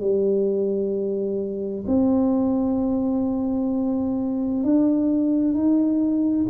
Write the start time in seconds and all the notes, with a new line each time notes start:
0.00 G3
1.87 C4
4.63 D4
5.53 D#4